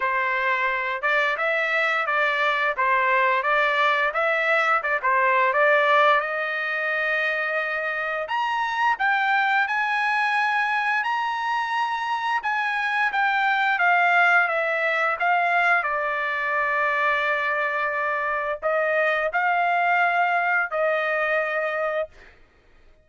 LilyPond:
\new Staff \with { instrumentName = "trumpet" } { \time 4/4 \tempo 4 = 87 c''4. d''8 e''4 d''4 | c''4 d''4 e''4 d''16 c''8. | d''4 dis''2. | ais''4 g''4 gis''2 |
ais''2 gis''4 g''4 | f''4 e''4 f''4 d''4~ | d''2. dis''4 | f''2 dis''2 | }